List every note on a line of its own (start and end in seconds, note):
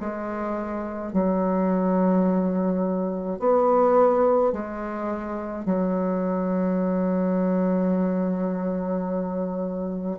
0.00 1.13 G#3
1.13 3.39 F#3
3.39 4.52 B3
4.52 5.65 G#3
5.65 10.18 F#3